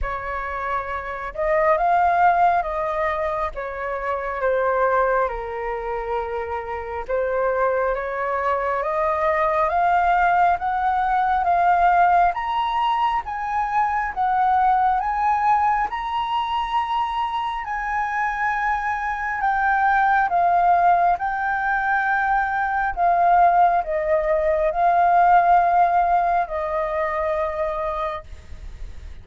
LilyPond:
\new Staff \with { instrumentName = "flute" } { \time 4/4 \tempo 4 = 68 cis''4. dis''8 f''4 dis''4 | cis''4 c''4 ais'2 | c''4 cis''4 dis''4 f''4 | fis''4 f''4 ais''4 gis''4 |
fis''4 gis''4 ais''2 | gis''2 g''4 f''4 | g''2 f''4 dis''4 | f''2 dis''2 | }